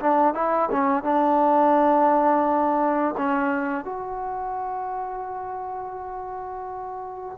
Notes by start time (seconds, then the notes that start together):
0.00 D4
0.34 E4
0.72 C#4
1.04 D4
3.18 C#4
3.85 F#4